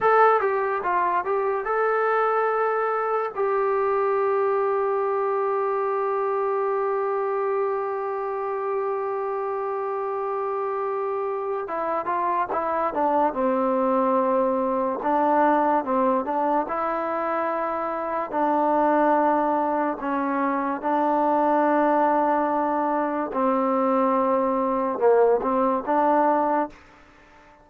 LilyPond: \new Staff \with { instrumentName = "trombone" } { \time 4/4 \tempo 4 = 72 a'8 g'8 f'8 g'8 a'2 | g'1~ | g'1~ | g'2 e'8 f'8 e'8 d'8 |
c'2 d'4 c'8 d'8 | e'2 d'2 | cis'4 d'2. | c'2 ais8 c'8 d'4 | }